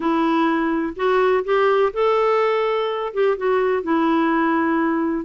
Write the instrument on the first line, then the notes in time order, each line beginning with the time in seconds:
clarinet
0.00 E4
0.96 F#4
1.44 G4
1.93 A4
3.13 G4
3.37 F#4
3.82 E4